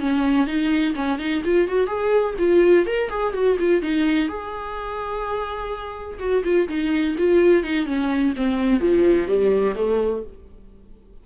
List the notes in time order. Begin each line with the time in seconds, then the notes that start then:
0.00 C#4
0.47 D#4
0.95 C#4
1.19 D#4
1.45 F4
1.68 F#4
1.87 G#4
2.39 F4
2.86 A#4
3.10 G#4
3.33 F#4
3.59 F4
3.82 D#4
4.29 G#4
6.19 F#4
6.44 F4
6.68 D#4
7.18 F4
7.64 D#4
7.86 C#4
8.36 C4
8.80 F3
9.27 G3
9.75 A3